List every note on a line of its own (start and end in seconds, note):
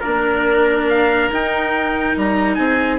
0.00 1.31 D4
0.00 0.85 A#4
0.00 2.58 A#4
0.06 1.30 A#3
0.89 1.32 F5
1.30 2.15 D#4
1.30 2.99 D#4
1.30 2.19 G5
2.17 2.58 G3
2.17 2.55 A#5
2.55 2.99 C4
2.55 2.99 G#4
2.55 2.97 G#5